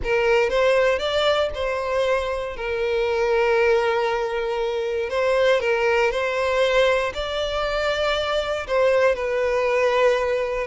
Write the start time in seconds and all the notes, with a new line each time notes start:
0.03 A#4
0.49 C5
0.98 D5
1.54 C5
2.56 A#4
5.09 C5
5.60 A#4
6.11 C5
7.14 D5
8.67 C5
9.15 B4